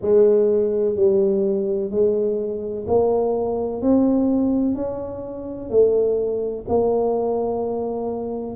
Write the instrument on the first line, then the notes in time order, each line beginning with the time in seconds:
tuba
0.01 G#3
0.95 G3
1.90 G#3
2.87 A#3
3.81 C4
4.74 C#4
5.69 A3
6.68 A#3